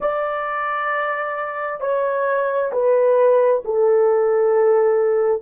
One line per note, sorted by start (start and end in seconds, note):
0.00 1.80 D5
1.80 2.71 C#5
2.72 3.63 B4
3.64 5.42 A4